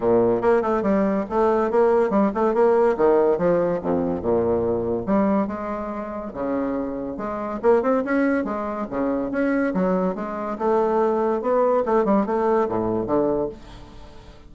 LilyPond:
\new Staff \with { instrumentName = "bassoon" } { \time 4/4 \tempo 4 = 142 ais,4 ais8 a8 g4 a4 | ais4 g8 a8 ais4 dis4 | f4 f,4 ais,2 | g4 gis2 cis4~ |
cis4 gis4 ais8 c'8 cis'4 | gis4 cis4 cis'4 fis4 | gis4 a2 b4 | a8 g8 a4 a,4 d4 | }